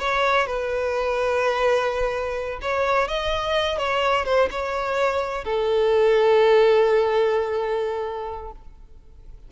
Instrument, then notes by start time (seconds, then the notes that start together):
violin
0.00 C#5
0.47 B4
2.62 C#5
3.09 D#5
3.79 C#5
4.26 C5
4.51 C#5
5.45 A4